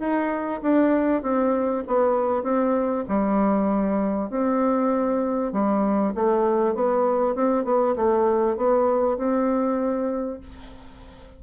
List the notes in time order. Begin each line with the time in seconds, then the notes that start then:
0.00 D#4
0.63 D4
1.23 C4
1.88 B3
2.44 C4
3.09 G3
4.30 C4
5.53 G3
6.15 A3
6.75 B3
7.36 C4
7.65 B3
7.96 A3
8.57 B3
9.18 C4